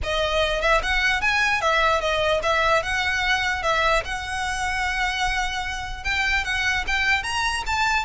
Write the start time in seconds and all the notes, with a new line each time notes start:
0.03 D#5
0.61 E5
0.82 F#5
1.21 G#5
1.61 E5
2.00 D#5
2.43 E5
2.82 F#5
3.63 E5
4.05 F#5
6.04 G5
6.44 F#5
6.87 G5
7.23 A#5
7.66 A5